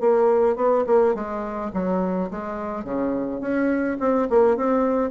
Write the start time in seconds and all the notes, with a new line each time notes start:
0.00 A#3
0.56 B3
0.86 A#3
1.14 G#3
1.73 F#3
2.31 G#3
2.84 C#3
3.41 C#4
4.00 C4
4.29 A#3
4.57 C4